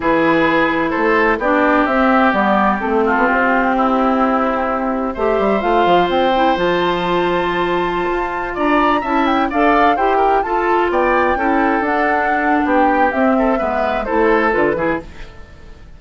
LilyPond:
<<
  \new Staff \with { instrumentName = "flute" } { \time 4/4 \tempo 4 = 128 b'2 c''4 d''4 | e''4 d''4 a'4 g'4~ | g'2. e''4 | f''4 g''4 a''2~ |
a''2~ a''16 ais''4 a''8 g''16~ | g''16 f''4 g''4 a''4 g''8.~ | g''4~ g''16 fis''4.~ fis''16 g''4 | e''2 c''4 b'4 | }
  \new Staff \with { instrumentName = "oboe" } { \time 4/4 gis'2 a'4 g'4~ | g'2~ g'8 f'4. | e'2. c''4~ | c''1~ |
c''2~ c''16 d''4 e''8.~ | e''16 d''4 c''8 ais'8 a'4 d''8.~ | d''16 a'2~ a'8. g'4~ | g'8 a'8 b'4 a'4. gis'8 | }
  \new Staff \with { instrumentName = "clarinet" } { \time 4/4 e'2. d'4 | c'4 b4 c'2~ | c'2. g'4 | f'4. e'8 f'2~ |
f'2.~ f'16 e'8.~ | e'16 a'4 g'4 f'4.~ f'16~ | f'16 e'4 d'2~ d'8. | c'4 b4 e'4 f'8 e'8 | }
  \new Staff \with { instrumentName = "bassoon" } { \time 4/4 e2 a4 b4 | c'4 g4 a8. b16 c'4~ | c'2. a8 g8 | a8 f8 c'4 f2~ |
f4~ f16 f'4 d'4 cis'8.~ | cis'16 d'4 e'4 f'4 b8.~ | b16 cis'4 d'4.~ d'16 b4 | c'4 gis4 a4 d8 e8 | }
>>